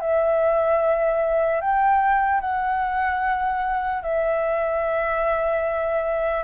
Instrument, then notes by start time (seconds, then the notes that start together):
flute
0.00 E5
1.61 G5
2.40 F#5
4.02 E5